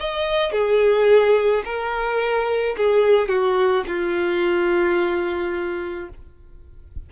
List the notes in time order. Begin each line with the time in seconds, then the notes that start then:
0.00 D#5
0.52 G#4
1.65 A#4
2.77 G#4
3.29 F#4
3.87 F4